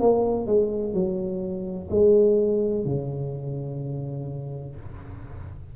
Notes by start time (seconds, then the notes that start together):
0.00 A#3
0.46 G#3
0.94 F#3
1.90 G#3
2.85 C#3